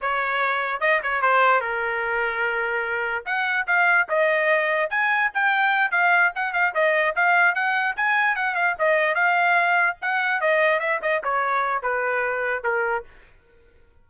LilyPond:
\new Staff \with { instrumentName = "trumpet" } { \time 4/4 \tempo 4 = 147 cis''2 dis''8 cis''8 c''4 | ais'1 | fis''4 f''4 dis''2 | gis''4 g''4. f''4 fis''8 |
f''8 dis''4 f''4 fis''4 gis''8~ | gis''8 fis''8 f''8 dis''4 f''4.~ | f''8 fis''4 dis''4 e''8 dis''8 cis''8~ | cis''4 b'2 ais'4 | }